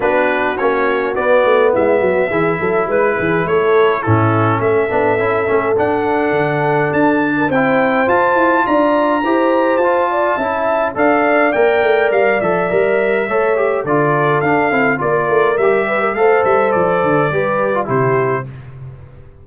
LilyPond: <<
  \new Staff \with { instrumentName = "trumpet" } { \time 4/4 \tempo 4 = 104 b'4 cis''4 d''4 e''4~ | e''4 b'4 cis''4 a'4 | e''2 fis''2 | a''4 g''4 a''4 ais''4~ |
ais''4 a''2 f''4 | g''4 f''8 e''2~ e''8 | d''4 f''4 d''4 e''4 | f''8 e''8 d''2 c''4 | }
  \new Staff \with { instrumentName = "horn" } { \time 4/4 fis'2. e'8 fis'8 | gis'8 a'8 b'8 gis'8 a'4 e'4 | a'1~ | a'8. ais'16 c''2 d''4 |
c''4. d''8 e''4 d''4~ | d''2. cis''4 | a'2 ais'4. b'16 ais'16 | c''2 b'4 g'4 | }
  \new Staff \with { instrumentName = "trombone" } { \time 4/4 d'4 cis'4 b2 | e'2. cis'4~ | cis'8 d'8 e'8 cis'8 d'2~ | d'4 e'4 f'2 |
g'4 f'4 e'4 a'4 | ais'4. a'8 ais'4 a'8 g'8 | f'4 d'8 e'8 f'4 g'4 | a'2 g'8. f'16 e'4 | }
  \new Staff \with { instrumentName = "tuba" } { \time 4/4 b4 ais4 b8 a8 gis8 fis8 | e8 fis8 gis8 e8 a4 a,4 | a8 b8 cis'8 a8 d'4 d4 | d'4 c'4 f'8 e'8 d'4 |
e'4 f'4 cis'4 d'4 | ais8 a8 g8 f8 g4 a4 | d4 d'8 c'8 ais8 a8 g4 | a8 g8 f8 d8 g4 c4 | }
>>